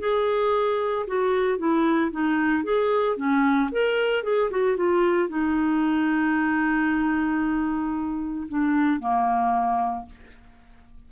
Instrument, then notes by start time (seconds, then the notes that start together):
clarinet
0.00 G#4
1.07 F#4
1.58 E4
2.12 D#4
2.64 G#4
3.17 C#4
3.72 A#4
4.24 G#4
4.51 F#4
4.77 F4
5.29 D#4
8.49 D4
9.00 A#3